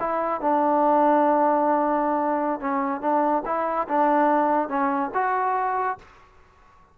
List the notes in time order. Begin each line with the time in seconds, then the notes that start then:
0.00 E4
0.41 D4
2.60 C#4
3.01 D4
3.45 E4
3.88 D4
4.69 C#4
5.14 F#4